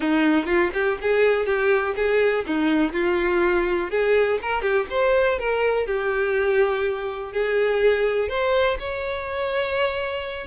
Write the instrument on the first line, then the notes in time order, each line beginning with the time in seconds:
violin
0.00 D#4
0.46 F4
0.73 G4
1.01 G#4
1.45 G4
1.96 G#4
2.46 D#4
2.92 F4
3.90 G#4
4.42 A#4
4.62 G4
4.89 C5
5.38 A#4
5.86 G4
7.32 G#4
8.28 C5
8.79 C#5